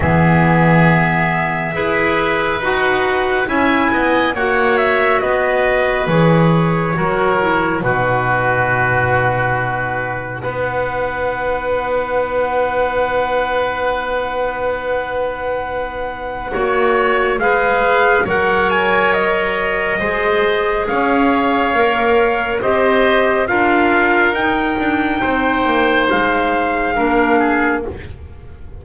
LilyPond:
<<
  \new Staff \with { instrumentName = "trumpet" } { \time 4/4 \tempo 4 = 69 e''2. fis''4 | gis''4 fis''8 e''8 dis''4 cis''4~ | cis''4 b'2. | fis''1~ |
fis''1 | f''4 fis''8 gis''8 dis''2 | f''2 dis''4 f''4 | g''2 f''2 | }
  \new Staff \with { instrumentName = "oboe" } { \time 4/4 gis'2 b'2 | e''8 dis''8 cis''4 b'2 | ais'4 fis'2. | b'1~ |
b'2. cis''4 | b'4 cis''2 c''4 | cis''2 c''4 ais'4~ | ais'4 c''2 ais'8 gis'8 | }
  \new Staff \with { instrumentName = "clarinet" } { \time 4/4 b2 gis'4 fis'4 | e'4 fis'2 gis'4 | fis'8 e'8 dis'2.~ | dis'1~ |
dis'2. fis'4 | gis'4 ais'2 gis'4~ | gis'4 ais'4 g'4 f'4 | dis'2. d'4 | }
  \new Staff \with { instrumentName = "double bass" } { \time 4/4 e2 e'4 dis'4 | cis'8 b8 ais4 b4 e4 | fis4 b,2. | b1~ |
b2. ais4 | gis4 fis2 gis4 | cis'4 ais4 c'4 d'4 | dis'8 d'8 c'8 ais8 gis4 ais4 | }
>>